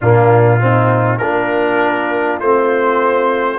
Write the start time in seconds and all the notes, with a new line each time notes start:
0.01 A#2 A#3 D4 F4
0.59 C4 D#4
1.18 A#3 D4 F4 A#4
2.39 A3 C4 C5